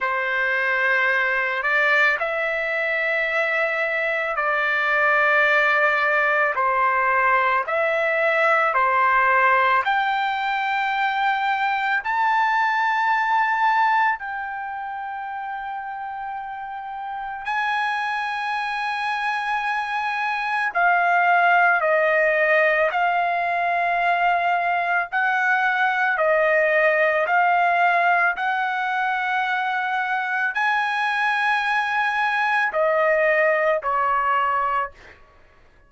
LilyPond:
\new Staff \with { instrumentName = "trumpet" } { \time 4/4 \tempo 4 = 55 c''4. d''8 e''2 | d''2 c''4 e''4 | c''4 g''2 a''4~ | a''4 g''2. |
gis''2. f''4 | dis''4 f''2 fis''4 | dis''4 f''4 fis''2 | gis''2 dis''4 cis''4 | }